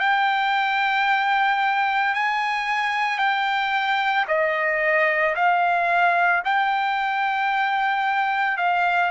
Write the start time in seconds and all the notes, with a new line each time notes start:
0.00 G5
2.14 G#5
3.18 G5
4.28 D#5
5.36 F5
6.45 G5
8.57 F5